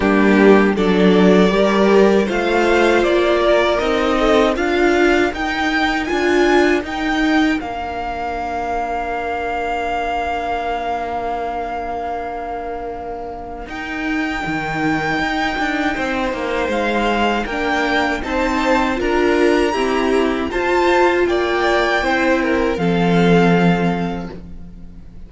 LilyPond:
<<
  \new Staff \with { instrumentName = "violin" } { \time 4/4 \tempo 4 = 79 g'4 d''2 f''4 | d''4 dis''4 f''4 g''4 | gis''4 g''4 f''2~ | f''1~ |
f''2 g''2~ | g''2 f''4 g''4 | a''4 ais''2 a''4 | g''2 f''2 | }
  \new Staff \with { instrumentName = "violin" } { \time 4/4 d'4 a'4 ais'4 c''4~ | c''8 ais'4 a'8 ais'2~ | ais'1~ | ais'1~ |
ais'1~ | ais'4 c''2 ais'4 | c''4 ais'4 g'4 c''4 | d''4 c''8 ais'8 a'2 | }
  \new Staff \with { instrumentName = "viola" } { \time 4/4 ais4 d'4 g'4 f'4~ | f'4 dis'4 f'4 dis'4 | f'4 dis'4 d'2~ | d'1~ |
d'2 dis'2~ | dis'2. d'4 | dis'4 f'4 c'4 f'4~ | f'4 e'4 c'2 | }
  \new Staff \with { instrumentName = "cello" } { \time 4/4 g4 fis4 g4 a4 | ais4 c'4 d'4 dis'4 | d'4 dis'4 ais2~ | ais1~ |
ais2 dis'4 dis4 | dis'8 d'8 c'8 ais8 gis4 ais4 | c'4 d'4 e'4 f'4 | ais4 c'4 f2 | }
>>